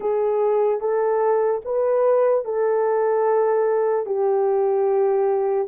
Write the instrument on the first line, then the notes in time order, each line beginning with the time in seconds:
horn
0.00 G#4
0.80 A4
1.64 B4
2.44 A4
4.05 G4